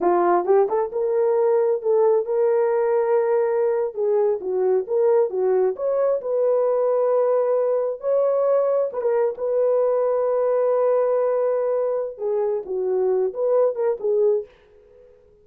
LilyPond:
\new Staff \with { instrumentName = "horn" } { \time 4/4 \tempo 4 = 133 f'4 g'8 a'8 ais'2 | a'4 ais'2.~ | ais'8. gis'4 fis'4 ais'4 fis'16~ | fis'8. cis''4 b'2~ b'16~ |
b'4.~ b'16 cis''2 b'16 | ais'8. b'2.~ b'16~ | b'2. gis'4 | fis'4. b'4 ais'8 gis'4 | }